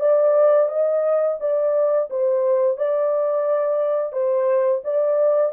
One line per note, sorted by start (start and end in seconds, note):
0.00 0.69 D5
0.69 1.38 D#5
1.40 2.09 D5
2.10 2.77 C5
2.77 4.13 D5
4.13 4.82 C5
4.84 5.53 D5